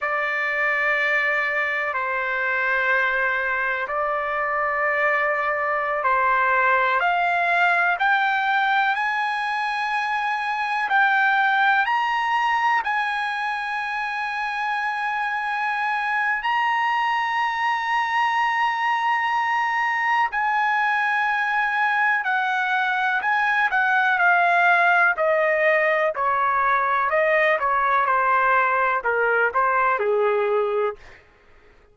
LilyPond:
\new Staff \with { instrumentName = "trumpet" } { \time 4/4 \tempo 4 = 62 d''2 c''2 | d''2~ d''16 c''4 f''8.~ | f''16 g''4 gis''2 g''8.~ | g''16 ais''4 gis''2~ gis''8.~ |
gis''4 ais''2.~ | ais''4 gis''2 fis''4 | gis''8 fis''8 f''4 dis''4 cis''4 | dis''8 cis''8 c''4 ais'8 c''8 gis'4 | }